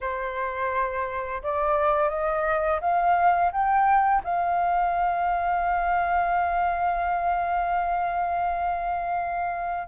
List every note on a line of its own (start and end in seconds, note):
0.00 1.41 C5
1.42 2.09 D5
2.09 2.79 D#5
2.80 3.51 F5
3.51 4.22 G5
4.24 9.88 F5